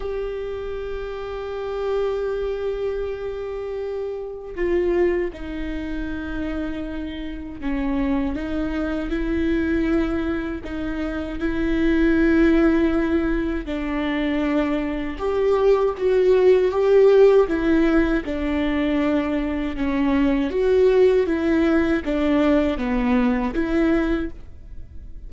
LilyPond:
\new Staff \with { instrumentName = "viola" } { \time 4/4 \tempo 4 = 79 g'1~ | g'2 f'4 dis'4~ | dis'2 cis'4 dis'4 | e'2 dis'4 e'4~ |
e'2 d'2 | g'4 fis'4 g'4 e'4 | d'2 cis'4 fis'4 | e'4 d'4 b4 e'4 | }